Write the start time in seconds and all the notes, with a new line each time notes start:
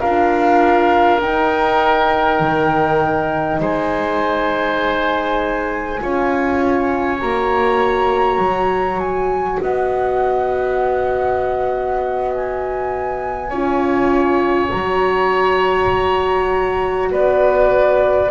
0.00 D4 F4 A#4 F5
1.21 D#4 G5
2.40 D#3
3.60 G#3 C5 G#5
6.02 C#4 F4 C#5
7.19 A#3 F#4 A#5
8.38 F#3
9.00 G#5
9.61 B3 D#5 F#5
12.32 G#5
13.49 C#4 F4 C#5
14.70 F#3 F#4 A#5
17.11 B3 B4 D5